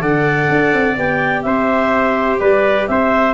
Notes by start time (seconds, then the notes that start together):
0.00 D3 A4 D5 F#5
0.49 D4
0.73 C4
0.97 B3 G4 G5
1.42 C4 C5 E5
2.40 G3 B4 D5
2.87 C4 C5 E5